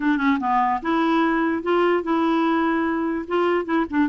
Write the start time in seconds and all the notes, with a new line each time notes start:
0.00 D4
0.17 C#4
0.40 B3
0.81 E4
1.63 F4
2.03 E4
3.27 F4
3.65 E4
3.90 D4